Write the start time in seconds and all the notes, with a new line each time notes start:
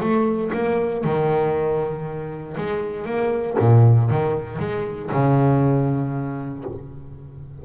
0.00 A3
0.53 A#3
1.04 D#3
2.57 G#3
3.06 A#3
3.59 A#2
4.10 D#3
4.59 G#3
5.12 C#3